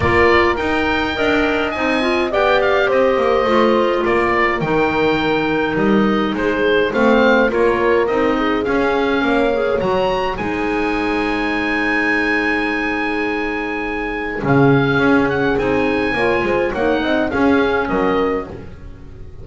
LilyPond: <<
  \new Staff \with { instrumentName = "oboe" } { \time 4/4 \tempo 4 = 104 d''4 g''2 gis''4 | g''8 f''8 dis''2 d''4 | g''2 dis''4 c''4 | f''4 cis''4 dis''4 f''4~ |
f''4 ais''4 gis''2~ | gis''1~ | gis''4 f''4. fis''8 gis''4~ | gis''4 fis''4 f''4 dis''4 | }
  \new Staff \with { instrumentName = "horn" } { \time 4/4 ais'2 dis''2 | d''4 c''2 ais'4~ | ais'2. gis'4 | c''4 ais'4. gis'4. |
cis''2 c''2~ | c''1~ | c''4 gis'2. | cis''8 c''8 cis''8 dis''8 gis'4 ais'4 | }
  \new Staff \with { instrumentName = "clarinet" } { \time 4/4 f'4 dis'4 ais'4 dis'8 f'8 | g'2 f'2 | dis'1 | c'4 f'4 dis'4 cis'4~ |
cis'8 gis'8 fis'4 dis'2~ | dis'1~ | dis'4 cis'2 dis'4 | f'4 dis'4 cis'2 | }
  \new Staff \with { instrumentName = "double bass" } { \time 4/4 ais4 dis'4 d'4 c'4 | b4 c'8 ais8 a4 ais4 | dis2 g4 gis4 | a4 ais4 c'4 cis'4 |
ais4 fis4 gis2~ | gis1~ | gis4 cis4 cis'4 c'4 | ais8 gis8 ais8 c'8 cis'4 fis4 | }
>>